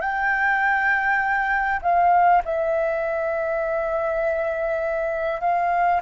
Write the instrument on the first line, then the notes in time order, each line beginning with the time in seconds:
flute
0.00 G5
1.82 F5
2.44 E5
5.41 F5